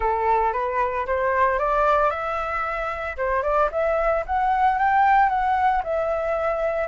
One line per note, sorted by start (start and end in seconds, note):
0.00 0.53 A4
0.53 1.06 B4
1.06 1.58 C5
1.58 2.10 D5
2.10 3.16 E5
3.17 3.42 C5
3.42 3.69 D5
3.71 4.24 E5
4.26 4.78 F#5
4.78 5.29 G5
5.29 5.82 F#5
5.83 6.87 E5